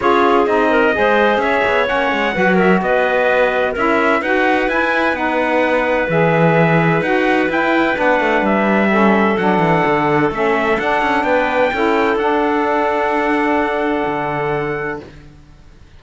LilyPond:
<<
  \new Staff \with { instrumentName = "trumpet" } { \time 4/4 \tempo 4 = 128 cis''4 dis''2 e''4 | fis''4. e''8 dis''2 | e''4 fis''4 gis''4 fis''4~ | fis''4 e''2 fis''4 |
g''4 fis''4 e''2 | fis''2 e''4 fis''4 | g''2 fis''2~ | fis''1 | }
  \new Staff \with { instrumentName = "clarinet" } { \time 4/4 gis'4. ais'8 c''4 cis''4~ | cis''4 b'8 ais'8 b'2 | ais'4 b'2.~ | b'1~ |
b'2. a'4~ | a'1 | b'4 a'2.~ | a'1 | }
  \new Staff \with { instrumentName = "saxophone" } { \time 4/4 f'4 dis'4 gis'2 | cis'4 fis'2. | e'4 fis'4 e'4 dis'4~ | dis'4 gis'2 fis'4 |
e'4 d'2 cis'4 | d'2 cis'4 d'4~ | d'4 e'4 d'2~ | d'1 | }
  \new Staff \with { instrumentName = "cello" } { \time 4/4 cis'4 c'4 gis4 cis'8 b8 | ais8 gis8 fis4 b2 | cis'4 dis'4 e'4 b4~ | b4 e2 dis'4 |
e'4 b8 a8 g2 | fis8 e8 d4 a4 d'8 cis'8 | b4 cis'4 d'2~ | d'2 d2 | }
>>